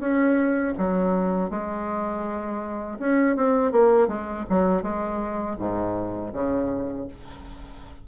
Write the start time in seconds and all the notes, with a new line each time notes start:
0.00 C#4
0.78 F#3
1.50 G#3
2.99 C#4
3.36 C4
3.72 A#3
4.08 G#3
4.49 F#3
4.82 G#3
5.59 G#2
6.33 C#3